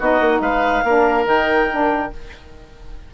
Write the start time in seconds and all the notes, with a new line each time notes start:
0.00 B3 D#4 F#4 D#5
0.21 A#3
0.41 G#3 B4 F5
0.84 A#3 D4 A#4
1.26 D#3 D#4 G5
1.71 D4